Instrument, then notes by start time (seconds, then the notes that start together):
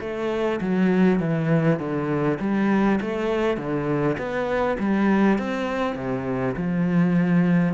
cello
0.00 A3
0.61 F#3
1.19 E3
1.79 D3
2.40 G3
3.01 A3
3.57 D3
4.17 B3
4.79 G3
5.38 C4
5.95 C3
6.56 F3